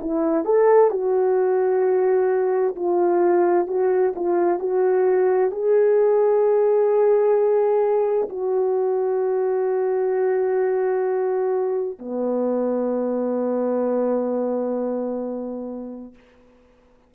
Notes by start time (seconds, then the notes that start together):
0.00 E4
0.44 A4
0.91 F#4
2.76 F4
3.67 F#4
4.16 F4
4.59 F#4
5.51 G#4
8.29 F#4
11.99 B3